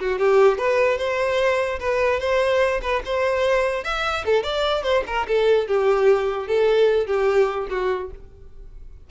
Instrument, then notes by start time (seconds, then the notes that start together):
violin
0.00 F#4
0.19 G4
0.58 B4
0.98 C5
1.79 B4
2.20 C5
2.82 B4
3.05 C5
3.84 E5
4.25 A4
4.43 D5
4.83 C5
5.07 A#4
5.28 A4
5.68 G4
6.48 A4
7.07 G4
7.70 F#4